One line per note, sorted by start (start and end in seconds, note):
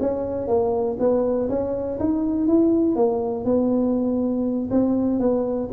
0.00 0.48 C#4
0.48 0.97 A#3
0.99 1.49 B3
1.49 1.99 C#4
2.00 2.47 D#4
2.47 2.95 E4
2.95 3.45 A#3
3.45 4.69 B3
4.71 5.20 C4
5.20 5.70 B3